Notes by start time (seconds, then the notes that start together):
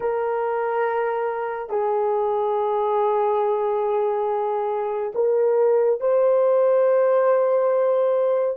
0.00 A#4
1.69 G#4
5.14 A#4
6.00 C5